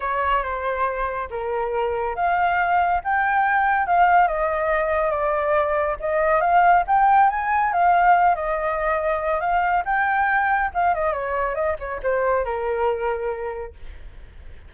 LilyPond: \new Staff \with { instrumentName = "flute" } { \time 4/4 \tempo 4 = 140 cis''4 c''2 ais'4~ | ais'4 f''2 g''4~ | g''4 f''4 dis''2 | d''2 dis''4 f''4 |
g''4 gis''4 f''4. dis''8~ | dis''2 f''4 g''4~ | g''4 f''8 dis''8 cis''4 dis''8 cis''8 | c''4 ais'2. | }